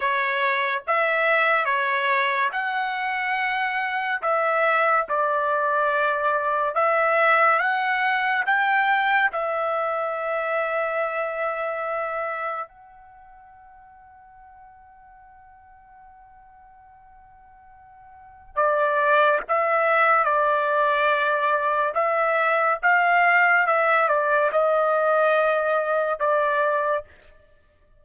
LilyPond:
\new Staff \with { instrumentName = "trumpet" } { \time 4/4 \tempo 4 = 71 cis''4 e''4 cis''4 fis''4~ | fis''4 e''4 d''2 | e''4 fis''4 g''4 e''4~ | e''2. fis''4~ |
fis''1~ | fis''2 d''4 e''4 | d''2 e''4 f''4 | e''8 d''8 dis''2 d''4 | }